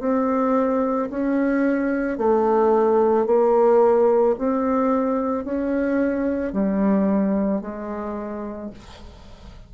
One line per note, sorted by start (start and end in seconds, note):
0.00 1.09 C4
1.11 2.18 C#4
2.18 3.27 A3
3.27 4.36 A#3
4.39 5.45 C4
5.45 6.53 C#4
6.53 7.61 G3
7.61 8.70 G#3